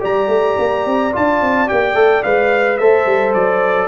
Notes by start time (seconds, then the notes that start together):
0.00 G3 G4 D5 A#5
0.28 A3
0.59 A#3
0.86 C4
1.13 D4 F4 A5
1.41 C4
1.67 A#3 G4 G5
1.94 A3 A4
2.23 G#3 B4 F5
2.77 A3 A4 C5 E5
3.06 G3
3.34 F#3 D5